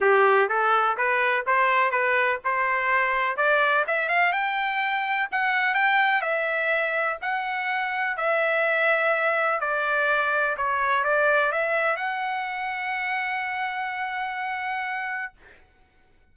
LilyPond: \new Staff \with { instrumentName = "trumpet" } { \time 4/4 \tempo 4 = 125 g'4 a'4 b'4 c''4 | b'4 c''2 d''4 | e''8 f''8 g''2 fis''4 | g''4 e''2 fis''4~ |
fis''4 e''2. | d''2 cis''4 d''4 | e''4 fis''2.~ | fis''1 | }